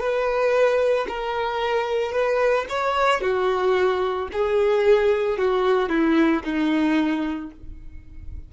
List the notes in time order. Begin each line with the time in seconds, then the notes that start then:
0.00 B4
1.09 A#4
2.13 B4
2.69 C#5
3.21 F#4
4.33 G#4
5.39 F#4
5.90 E4
6.44 D#4